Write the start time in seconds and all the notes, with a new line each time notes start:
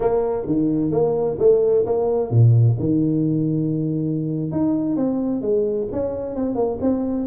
0.00 A#3
0.46 D#3
0.91 A#3
1.38 A3
1.85 A#3
2.30 A#2
2.79 D#3
4.51 D#4
4.96 C4
5.41 G#3
5.92 C#4
6.35 C4
6.55 A#3
6.81 C4